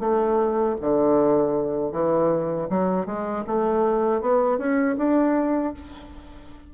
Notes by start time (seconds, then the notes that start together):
0.00 A3
0.81 D3
1.92 E3
2.70 F#3
3.07 G#3
3.47 A3
4.22 B3
4.58 C#4
4.98 D4